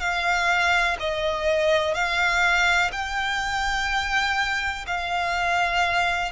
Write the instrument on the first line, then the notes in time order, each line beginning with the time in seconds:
violin
0.00 F5
1.00 D#5
1.94 F5
2.93 G5
4.87 F5